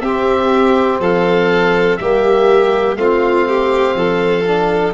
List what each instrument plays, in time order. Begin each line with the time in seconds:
0.00 tuba C4, trombone C4, violin G4, oboe E5
0.99 tuba F3, violin A4, oboe F5
1.96 tuba G3, trombone A#3, violin G4, oboe E5
2.95 tuba A3, trombone C4, violin F4, oboe F5
3.48 violin G4
3.95 tuba F3, violin A4
4.44 trombone D4